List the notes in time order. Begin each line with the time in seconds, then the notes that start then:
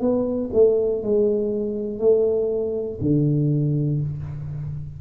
0.00 B3
0.53 A3
1.02 G#3
1.98 A3
3.00 D3